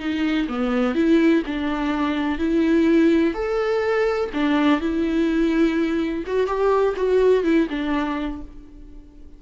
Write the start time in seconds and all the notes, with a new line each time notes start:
0.00 D#4
0.49 B3
0.95 E4
1.46 D4
2.38 E4
3.34 A4
4.34 D4
4.81 E4
6.27 F#4
6.47 G4
6.97 F#4
7.44 E4
7.70 D4